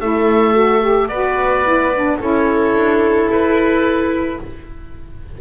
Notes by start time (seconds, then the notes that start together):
0.00 A3 E4 A4 E5
0.54 F#4
0.81 G4
1.08 B3 F#4 B4 D5
1.65 E4
1.95 D4
2.18 C#4 E4 A4 C#5
2.74 D4
3.29 E4 B4